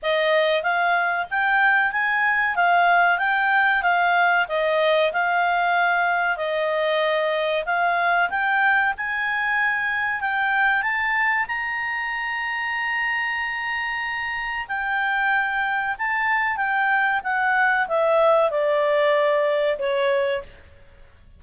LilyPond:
\new Staff \with { instrumentName = "clarinet" } { \time 4/4 \tempo 4 = 94 dis''4 f''4 g''4 gis''4 | f''4 g''4 f''4 dis''4 | f''2 dis''2 | f''4 g''4 gis''2 |
g''4 a''4 ais''2~ | ais''2. g''4~ | g''4 a''4 g''4 fis''4 | e''4 d''2 cis''4 | }